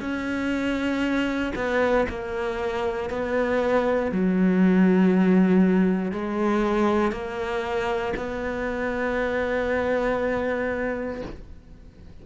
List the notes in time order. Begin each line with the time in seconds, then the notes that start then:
0.00 C#4
1.55 B3
2.09 A#3
3.10 B3
4.12 F#3
6.12 G#3
7.12 A#3
8.16 B3